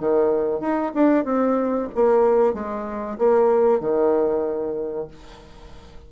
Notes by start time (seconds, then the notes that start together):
0.00 D#3
0.60 D#4
0.94 D4
1.25 C4
1.95 A#3
2.54 G#3
3.18 A#3
3.80 D#3